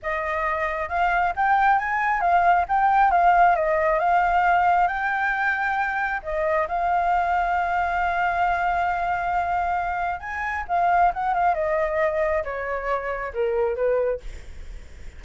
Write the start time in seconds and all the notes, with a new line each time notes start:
0.02 D#5
0.88 F5
1.36 G5
1.78 G#5
2.20 F5
2.68 G5
3.11 F5
3.55 D#5
3.99 F5
4.87 G5
6.22 D#5
6.68 F5
10.20 G#5
10.68 F5
11.13 F#5
11.34 F5
11.54 D#5
12.43 C#5
13.33 A#4
13.76 B4